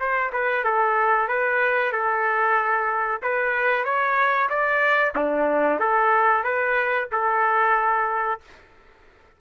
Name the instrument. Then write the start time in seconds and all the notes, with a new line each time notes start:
trumpet
0.00 C5
0.33 B4
0.65 A4
1.29 B4
1.93 A4
3.23 B4
3.85 C#5
4.50 D5
5.16 D4
5.80 A4
6.44 B4
7.12 A4